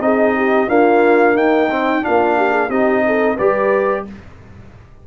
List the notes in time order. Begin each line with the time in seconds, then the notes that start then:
0.00 C4 D#4 G#4 D#5
0.36 G4
0.68 A#3 D4 F4 F5
1.35 D#4 G5
1.71 C4
2.02 A#3 D4 F4 F5
2.37 G4
2.50 G#4
2.70 C4 D#4 G4 D#5
3.06 A4
3.36 G3 G4 B4 D5